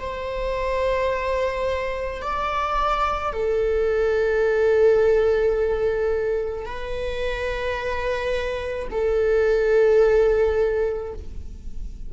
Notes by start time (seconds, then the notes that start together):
0.00 C5
2.22 D5
3.33 A4
6.66 B4
8.91 A4